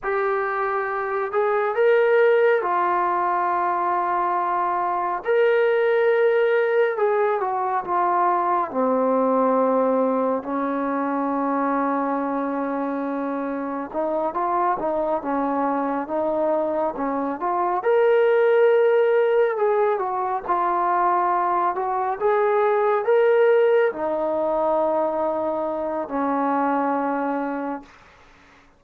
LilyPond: \new Staff \with { instrumentName = "trombone" } { \time 4/4 \tempo 4 = 69 g'4. gis'8 ais'4 f'4~ | f'2 ais'2 | gis'8 fis'8 f'4 c'2 | cis'1 |
dis'8 f'8 dis'8 cis'4 dis'4 cis'8 | f'8 ais'2 gis'8 fis'8 f'8~ | f'4 fis'8 gis'4 ais'4 dis'8~ | dis'2 cis'2 | }